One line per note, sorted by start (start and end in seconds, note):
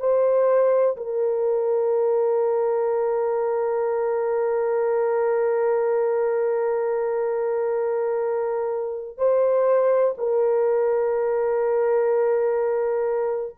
0.00 0.97 C5
0.97 9.18 A#4
9.18 10.15 C5
10.18 13.57 A#4